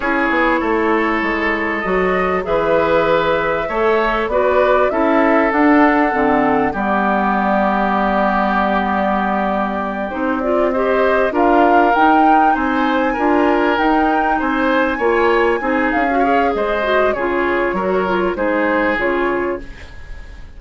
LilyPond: <<
  \new Staff \with { instrumentName = "flute" } { \time 4/4 \tempo 4 = 98 cis''2. dis''4 | e''2. d''4 | e''4 fis''2 d''4~ | d''1~ |
d''8 c''8 d''8 dis''4 f''4 g''8~ | g''8 gis''2 g''4 gis''8~ | gis''2 f''4 dis''4 | cis''2 c''4 cis''4 | }
  \new Staff \with { instrumentName = "oboe" } { \time 4/4 gis'4 a'2. | b'2 cis''4 b'4 | a'2. g'4~ | g'1~ |
g'4. c''4 ais'4.~ | ais'8 c''4 ais'2 c''8~ | c''8 cis''4 gis'4 cis''8 c''4 | gis'4 ais'4 gis'2 | }
  \new Staff \with { instrumentName = "clarinet" } { \time 4/4 e'2. fis'4 | gis'2 a'4 fis'4 | e'4 d'4 c'4 b4~ | b1~ |
b8 dis'8 f'8 g'4 f'4 dis'8~ | dis'4. f'4 dis'4.~ | dis'8 f'4 dis'8. fis'16 gis'4 fis'8 | f'4 fis'8 f'8 dis'4 f'4 | }
  \new Staff \with { instrumentName = "bassoon" } { \time 4/4 cis'8 b8 a4 gis4 fis4 | e2 a4 b4 | cis'4 d'4 d4 g4~ | g1~ |
g8 c'2 d'4 dis'8~ | dis'8 c'4 d'4 dis'4 c'8~ | c'8 ais4 c'8 cis'4 gis4 | cis4 fis4 gis4 cis4 | }
>>